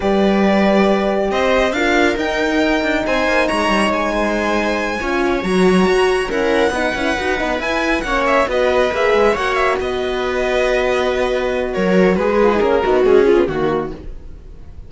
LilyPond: <<
  \new Staff \with { instrumentName = "violin" } { \time 4/4 \tempo 4 = 138 d''2. dis''4 | f''4 g''2 gis''4 | ais''4 gis''2.~ | gis''8 ais''2 fis''4.~ |
fis''4. gis''4 fis''8 e''8 dis''8~ | dis''8 e''4 fis''8 e''8 dis''4.~ | dis''2. cis''4 | b'4 ais'4 gis'4 fis'4 | }
  \new Staff \with { instrumentName = "viola" } { \time 4/4 b'2. c''4 | ais'2. c''4 | cis''4. c''2 cis''8~ | cis''2~ cis''8 ais'4 b'8~ |
b'2~ b'8 cis''4 b'8~ | b'4. cis''4 b'4.~ | b'2. ais'4 | gis'4. fis'4 f'8 fis'4 | }
  \new Staff \with { instrumentName = "horn" } { \time 4/4 g'1 | f'4 dis'2.~ | dis'2.~ dis'8 f'8~ | f'8 fis'2 cis'4 dis'8 |
e'8 fis'8 dis'8 e'4 cis'4 fis'8~ | fis'8 gis'4 fis'2~ fis'8~ | fis'1~ | fis'8 f'16 dis'16 cis'8 dis'8 gis8 cis'16 b16 ais4 | }
  \new Staff \with { instrumentName = "cello" } { \time 4/4 g2. c'4 | d'4 dis'4. d'8 c'8 ais8 | gis8 g8 gis2~ gis8 cis'8~ | cis'8 fis4 fis'4 e'4 b8 |
cis'8 dis'8 b8 e'4 ais4 b8~ | b8 ais8 gis8 ais4 b4.~ | b2. fis4 | gis4 ais8 b8 cis'4 dis4 | }
>>